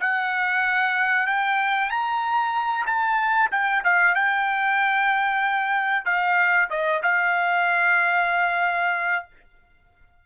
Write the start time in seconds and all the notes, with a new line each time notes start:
0.00 F#5
1.27 G5
1.90 A#5
2.86 A5
3.51 G5
3.84 F5
4.15 G5
6.05 F5
6.70 D#5
7.03 F5